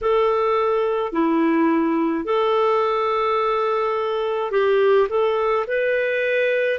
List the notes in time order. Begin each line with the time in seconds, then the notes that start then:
0.01 A4
1.12 E4
2.24 A4
4.51 G4
5.09 A4
5.67 B4